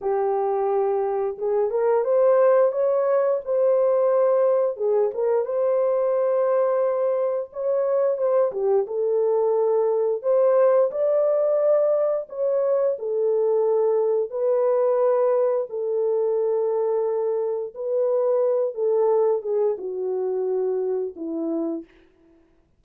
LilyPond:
\new Staff \with { instrumentName = "horn" } { \time 4/4 \tempo 4 = 88 g'2 gis'8 ais'8 c''4 | cis''4 c''2 gis'8 ais'8 | c''2. cis''4 | c''8 g'8 a'2 c''4 |
d''2 cis''4 a'4~ | a'4 b'2 a'4~ | a'2 b'4. a'8~ | a'8 gis'8 fis'2 e'4 | }